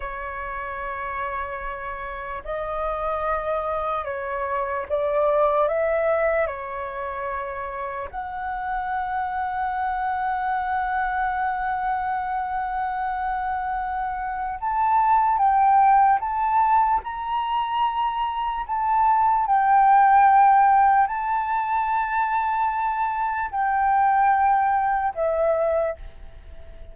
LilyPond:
\new Staff \with { instrumentName = "flute" } { \time 4/4 \tempo 4 = 74 cis''2. dis''4~ | dis''4 cis''4 d''4 e''4 | cis''2 fis''2~ | fis''1~ |
fis''2 a''4 g''4 | a''4 ais''2 a''4 | g''2 a''2~ | a''4 g''2 e''4 | }